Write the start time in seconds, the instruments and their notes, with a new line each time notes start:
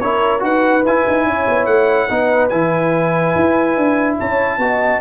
0.00 tuba C#4, trombone E4, horn A#4, trumpet C#5
0.40 tuba D#4, trombone F#4, horn B4, trumpet F#5
0.84 tuba E4, trombone E4, trumpet G#5
1.08 tuba D#4
1.26 tuba C#4, horn C#5
1.48 tuba B3
1.65 tuba A3, trumpet F#5
2.09 tuba B3, trombone D#4, horn B4
2.49 tuba E3, trombone E4, trumpet G#5
3.35 tuba E4
3.77 tuba D4
4.18 tuba C#4, horn C#5, trumpet A5
4.58 tuba B3, trombone F#4, horn D#5